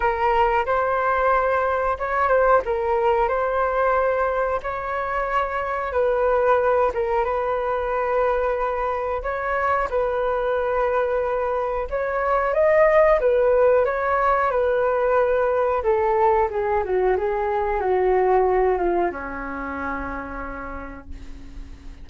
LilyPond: \new Staff \with { instrumentName = "flute" } { \time 4/4 \tempo 4 = 91 ais'4 c''2 cis''8 c''8 | ais'4 c''2 cis''4~ | cis''4 b'4. ais'8 b'4~ | b'2 cis''4 b'4~ |
b'2 cis''4 dis''4 | b'4 cis''4 b'2 | a'4 gis'8 fis'8 gis'4 fis'4~ | fis'8 f'8 cis'2. | }